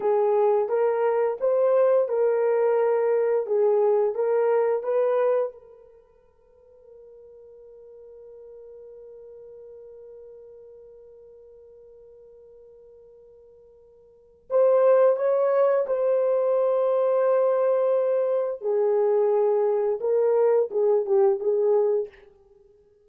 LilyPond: \new Staff \with { instrumentName = "horn" } { \time 4/4 \tempo 4 = 87 gis'4 ais'4 c''4 ais'4~ | ais'4 gis'4 ais'4 b'4 | ais'1~ | ais'1~ |
ais'1~ | ais'4 c''4 cis''4 c''4~ | c''2. gis'4~ | gis'4 ais'4 gis'8 g'8 gis'4 | }